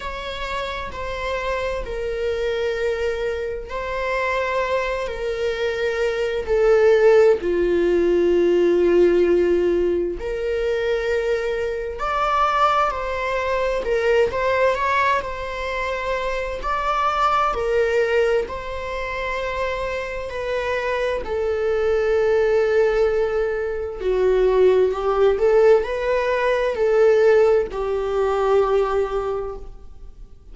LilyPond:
\new Staff \with { instrumentName = "viola" } { \time 4/4 \tempo 4 = 65 cis''4 c''4 ais'2 | c''4. ais'4. a'4 | f'2. ais'4~ | ais'4 d''4 c''4 ais'8 c''8 |
cis''8 c''4. d''4 ais'4 | c''2 b'4 a'4~ | a'2 fis'4 g'8 a'8 | b'4 a'4 g'2 | }